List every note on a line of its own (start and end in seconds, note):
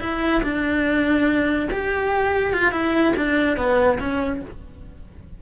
0.00 0.42 E4
0.43 1.69 D4
1.71 2.53 G4
2.53 2.71 F4
2.71 3.13 E4
3.16 3.57 D4
3.57 3.99 B3
3.99 4.41 C#4